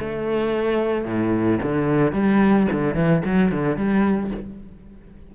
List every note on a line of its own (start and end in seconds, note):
0.00 1.05 A3
1.05 1.60 A2
1.63 2.13 D3
2.13 2.68 G3
2.72 2.95 D3
2.95 3.23 E3
3.26 3.52 F#3
3.52 3.77 D3
3.77 4.31 G3